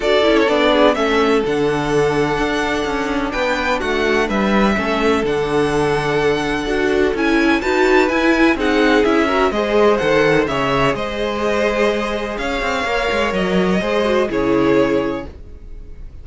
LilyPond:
<<
  \new Staff \with { instrumentName = "violin" } { \time 4/4 \tempo 4 = 126 d''8. cis''16 d''4 e''4 fis''4~ | fis''2. g''4 | fis''4 e''2 fis''4~ | fis''2. gis''4 |
a''4 gis''4 fis''4 e''4 | dis''4 fis''4 e''4 dis''4~ | dis''2 f''2 | dis''2 cis''2 | }
  \new Staff \with { instrumentName = "violin" } { \time 4/4 a'4. gis'8 a'2~ | a'2. b'4 | fis'4 b'4 a'2~ | a'1 |
b'2 gis'4. ais'8 | c''2 cis''4 c''4~ | c''2 cis''2~ | cis''4 c''4 gis'2 | }
  \new Staff \with { instrumentName = "viola" } { \time 4/4 fis'8 e'8 d'4 cis'4 d'4~ | d'1~ | d'2 cis'4 d'4~ | d'2 fis'4 e'4 |
fis'4 e'4 dis'4 e'8 fis'8 | gis'4 a'4 gis'2~ | gis'2. ais'4~ | ais'4 gis'8 fis'8 e'2 | }
  \new Staff \with { instrumentName = "cello" } { \time 4/4 d'8 cis'8 b4 a4 d4~ | d4 d'4 cis'4 b4 | a4 g4 a4 d4~ | d2 d'4 cis'4 |
dis'4 e'4 c'4 cis'4 | gis4 dis4 cis4 gis4~ | gis2 cis'8 c'8 ais8 gis8 | fis4 gis4 cis2 | }
>>